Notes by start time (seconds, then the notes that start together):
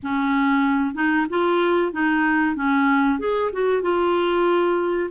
0.02 C#4
0.94 D#4
1.29 F4
1.92 D#4
2.55 C#4
3.19 G#4
3.52 F#4
3.82 F4